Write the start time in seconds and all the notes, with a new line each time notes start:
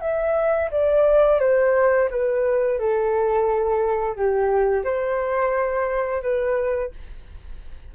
0.00 E5
0.71 D5
1.39 C5
2.10 B4
2.78 A4
4.15 G4
4.84 C5
6.22 B4